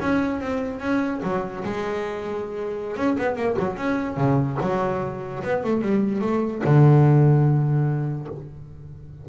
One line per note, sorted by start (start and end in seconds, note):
0.00 0.40 C#4
0.40 0.80 C4
0.80 1.20 C#4
1.23 1.63 F#3
1.64 2.96 G#3
2.96 3.17 C#4
3.18 3.36 B3
3.36 3.56 A#3
3.59 3.77 F#3
3.77 4.17 C#4
4.17 4.57 C#3
4.61 5.43 F#3
5.43 5.63 B3
5.64 5.81 A3
5.81 6.21 G3
6.21 6.62 A3
6.64 8.27 D3